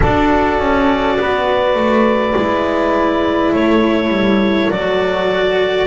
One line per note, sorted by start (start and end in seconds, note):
0.00 0.59 D4
0.00 2.37 F#4
0.00 1.17 A4
0.00 3.54 D5
0.59 1.17 C#4
1.19 1.75 B3
1.19 3.53 B4
1.75 2.33 A3
2.36 3.53 G#3
2.36 4.71 E4
3.53 4.08 A3
3.53 5.87 A4
3.53 4.70 C#5
4.08 4.67 G3
4.70 5.87 F#3
4.70 5.87 F#4
4.70 5.87 D5